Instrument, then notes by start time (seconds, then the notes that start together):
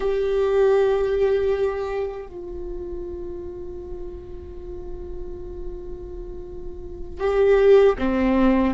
viola
0.00 G4
2.26 F4
7.20 G4
7.98 C4